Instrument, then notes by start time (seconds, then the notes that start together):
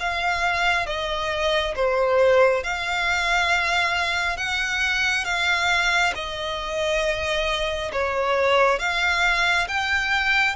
violin
0.00 F5
0.87 D#5
1.76 C5
2.64 F5
4.37 F#5
5.25 F5
6.15 D#5
7.93 C#5
8.79 F5
9.68 G5